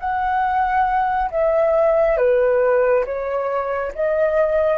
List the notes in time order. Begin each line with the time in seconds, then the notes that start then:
0.00 F#5
1.31 E5
2.18 B4
3.06 C#5
3.95 D#5